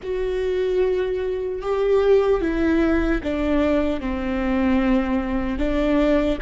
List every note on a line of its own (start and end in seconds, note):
0.03 1.61 F#4
1.61 2.41 G4
2.41 3.21 E4
3.23 4.00 D4
4.00 5.58 C4
5.58 6.38 D4